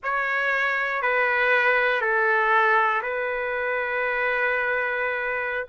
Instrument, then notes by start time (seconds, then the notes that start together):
trumpet
0.03 C#5
1.02 B4
2.01 A4
3.02 B4